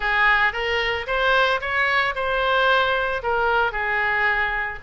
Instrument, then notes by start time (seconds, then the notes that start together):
oboe
0.00 G#4
0.52 A#4
1.06 C5
1.60 C#5
2.15 C5
3.22 A#4
3.72 G#4